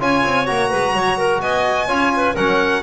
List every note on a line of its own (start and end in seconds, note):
0.00 0.24 C#4
0.00 0.46 F4
0.00 0.70 C#5
0.00 0.46 G#5
0.26 0.49 C4
0.46 0.72 A#3
0.46 1.88 F#4
0.46 1.41 A#5
0.70 0.94 G#3
0.70 0.94 B4
0.94 1.40 F#3
0.94 1.18 C#5
1.18 1.42 A#4
1.40 1.87 B3
1.40 1.88 D#5
1.40 2.36 G#5
1.88 2.35 C#4
1.88 2.35 F4
1.88 2.12 C#5
2.16 2.34 B4
2.34 2.83 F#3
2.34 2.83 C#4
2.34 2.82 A#4
2.34 2.83 F#5